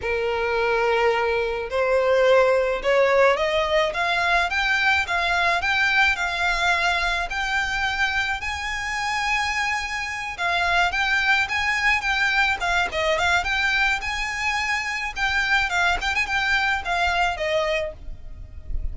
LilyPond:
\new Staff \with { instrumentName = "violin" } { \time 4/4 \tempo 4 = 107 ais'2. c''4~ | c''4 cis''4 dis''4 f''4 | g''4 f''4 g''4 f''4~ | f''4 g''2 gis''4~ |
gis''2~ gis''8 f''4 g''8~ | g''8 gis''4 g''4 f''8 dis''8 f''8 | g''4 gis''2 g''4 | f''8 g''16 gis''16 g''4 f''4 dis''4 | }